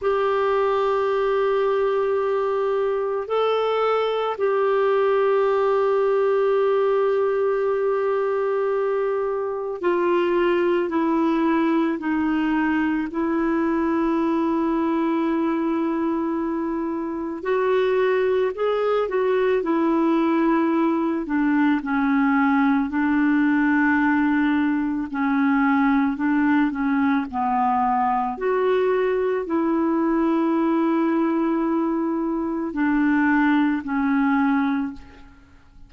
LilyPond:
\new Staff \with { instrumentName = "clarinet" } { \time 4/4 \tempo 4 = 55 g'2. a'4 | g'1~ | g'4 f'4 e'4 dis'4 | e'1 |
fis'4 gis'8 fis'8 e'4. d'8 | cis'4 d'2 cis'4 | d'8 cis'8 b4 fis'4 e'4~ | e'2 d'4 cis'4 | }